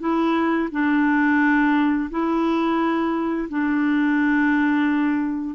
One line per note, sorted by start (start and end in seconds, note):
0.00 0.69 E4
0.72 2.10 D4
2.11 3.49 E4
3.49 5.55 D4